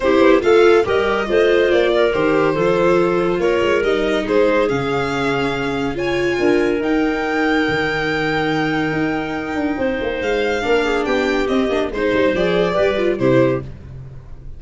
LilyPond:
<<
  \new Staff \with { instrumentName = "violin" } { \time 4/4 \tempo 4 = 141 c''4 f''4 dis''2 | d''4 c''2. | cis''4 dis''4 c''4 f''4~ | f''2 gis''2 |
g''1~ | g''1 | f''2 g''4 dis''4 | c''4 d''2 c''4 | }
  \new Staff \with { instrumentName = "clarinet" } { \time 4/4 g'4 a'4 ais'4 c''4~ | c''8 ais'4. a'2 | ais'2 gis'2~ | gis'2 cis''4 ais'4~ |
ais'1~ | ais'2. c''4~ | c''4 ais'8 gis'8 g'2 | c''2 b'4 g'4 | }
  \new Staff \with { instrumentName = "viola" } { \time 4/4 e'4 f'4 g'4 f'4~ | f'4 g'4 f'2~ | f'4 dis'2 cis'4~ | cis'2 f'2 |
dis'1~ | dis'1~ | dis'4 d'2 c'8 d'8 | dis'4 gis'4 g'8 f'8 e'4 | }
  \new Staff \with { instrumentName = "tuba" } { \time 4/4 c'8 b8 a4 g4 a4 | ais4 dis4 f2 | ais8 gis8 g4 gis4 cis4~ | cis2. d'4 |
dis'2 dis2~ | dis4 dis'4. d'8 c'8 ais8 | gis4 ais4 b4 c'8 ais8 | gis8 g8 f4 g4 c4 | }
>>